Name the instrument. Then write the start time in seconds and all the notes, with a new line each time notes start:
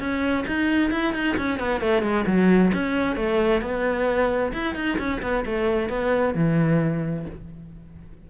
cello
0.00 C#4
0.48 D#4
0.92 E4
1.14 D#4
1.38 C#4
1.60 B3
1.81 A3
2.03 G#3
2.27 F#3
2.74 C#4
3.17 A3
3.62 B3
4.53 E4
4.76 D#4
4.99 C#4
5.23 B3
5.46 A3
5.90 B3
6.35 E3